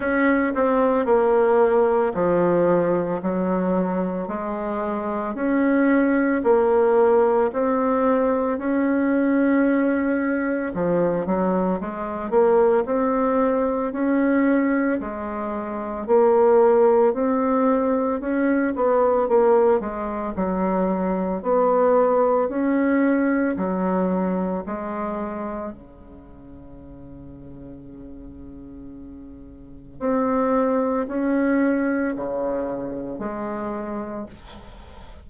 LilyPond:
\new Staff \with { instrumentName = "bassoon" } { \time 4/4 \tempo 4 = 56 cis'8 c'8 ais4 f4 fis4 | gis4 cis'4 ais4 c'4 | cis'2 f8 fis8 gis8 ais8 | c'4 cis'4 gis4 ais4 |
c'4 cis'8 b8 ais8 gis8 fis4 | b4 cis'4 fis4 gis4 | cis1 | c'4 cis'4 cis4 gis4 | }